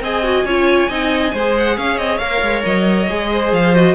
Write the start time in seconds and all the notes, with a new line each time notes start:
0.00 C4 G#4 D#5 G#5
0.23 F#4
0.44 C#4 F4 C#5
0.89 C4 D#4 D#5
1.33 G#3 G#4 C5
1.57 F#5
1.77 C#4 C#5 F5
1.97 C4 D#5
2.18 A#3 A#4 F5
2.42 G#3
2.65 F#3 D#5
3.09 G#3 G#4
3.32 C5
3.52 F3 F5
3.75 F#4 D#5